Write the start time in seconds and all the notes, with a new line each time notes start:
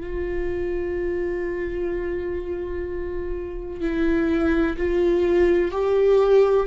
0.00 F4
3.81 E4
4.76 F4
5.71 G4